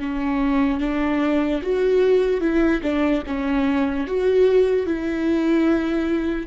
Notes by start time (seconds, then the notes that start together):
0.00 C#4
0.80 D4
1.63 F#4
2.41 E4
2.82 D4
3.27 C#4
4.07 F#4
4.86 E4